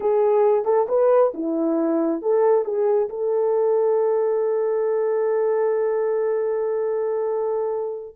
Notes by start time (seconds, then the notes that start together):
0.00 G#4
0.64 A4
0.88 B4
1.34 E4
2.22 A4
2.64 G#4
3.09 A4